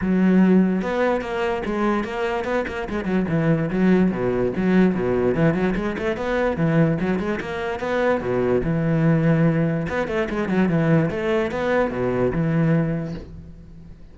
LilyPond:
\new Staff \with { instrumentName = "cello" } { \time 4/4 \tempo 4 = 146 fis2 b4 ais4 | gis4 ais4 b8 ais8 gis8 fis8 | e4 fis4 b,4 fis4 | b,4 e8 fis8 gis8 a8 b4 |
e4 fis8 gis8 ais4 b4 | b,4 e2. | b8 a8 gis8 fis8 e4 a4 | b4 b,4 e2 | }